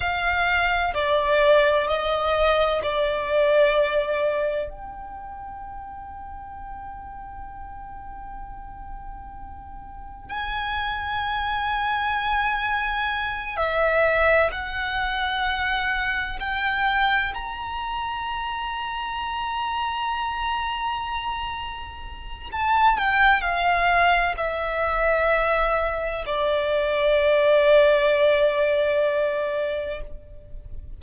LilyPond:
\new Staff \with { instrumentName = "violin" } { \time 4/4 \tempo 4 = 64 f''4 d''4 dis''4 d''4~ | d''4 g''2.~ | g''2. gis''4~ | gis''2~ gis''8 e''4 fis''8~ |
fis''4. g''4 ais''4.~ | ais''1 | a''8 g''8 f''4 e''2 | d''1 | }